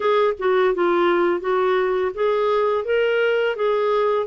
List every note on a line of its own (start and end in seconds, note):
0.00 0.33 G#4
0.38 0.74 F#4
0.74 1.40 F4
1.40 2.11 F#4
2.14 2.84 G#4
2.84 3.56 A#4
3.56 4.26 G#4